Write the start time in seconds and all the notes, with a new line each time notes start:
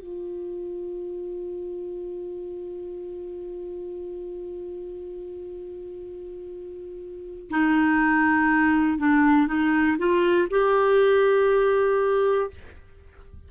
0.00 F4
7.51 D#4
8.99 D4
9.48 D#4
9.98 F4
10.51 G4